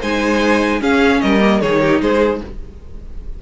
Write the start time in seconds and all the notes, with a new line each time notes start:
0.00 G#3 D#4 C5 G#5
0.81 C#4 G#4 F5
1.21 G3 A#4 D#5
1.40 A#3
1.61 D#3 D#4 G#4 C#5
1.81 G4
2.00 G#3 G#4 C5